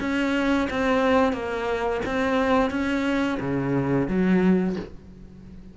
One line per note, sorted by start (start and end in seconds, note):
0.00 0.68 C#4
0.70 1.32 C4
1.32 2.01 A#3
2.05 2.70 C4
2.70 3.38 C#4
3.40 4.08 C#3
4.08 4.76 F#3